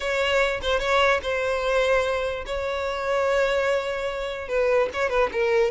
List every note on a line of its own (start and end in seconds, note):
0.00 0.60 C#5
0.62 0.79 C5
0.79 1.20 C#5
1.22 2.45 C5
2.46 4.48 C#5
4.48 4.89 B4
4.93 5.09 C#5
5.09 5.29 B4
5.32 5.71 A#4